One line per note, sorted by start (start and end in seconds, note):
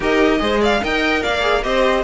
0.00 0.40 D#4
0.00 0.38 G4
0.00 0.40 A#4
0.00 0.63 D#5
0.38 0.81 G#3
0.38 0.79 G#4
0.38 0.60 C5
0.60 0.81 D5
0.60 0.83 F5
0.81 1.24 D#4
0.81 1.41 A#4
0.81 1.22 D#5
0.81 1.22 G5
1.22 1.64 A#3
1.22 1.63 D5
1.22 1.63 F5
1.41 1.61 G#4
1.63 2.03 C4
1.63 2.03 G4
1.63 2.03 C5
1.63 2.03 D#5